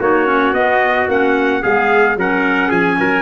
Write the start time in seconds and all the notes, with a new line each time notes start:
0.00 A#3 D#4 F#4 C#5
0.26 C#4
0.53 B3 D#5
1.09 A#3 C#4 F#5
1.62 G#3 B3 G#4 F5
2.16 F#3 C#4 A#4 F#5
2.69 F3 G#4 G#5
3.00 F#3 A#4